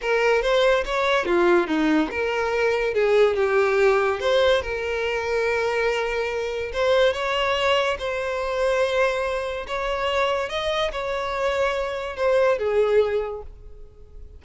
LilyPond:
\new Staff \with { instrumentName = "violin" } { \time 4/4 \tempo 4 = 143 ais'4 c''4 cis''4 f'4 | dis'4 ais'2 gis'4 | g'2 c''4 ais'4~ | ais'1 |
c''4 cis''2 c''4~ | c''2. cis''4~ | cis''4 dis''4 cis''2~ | cis''4 c''4 gis'2 | }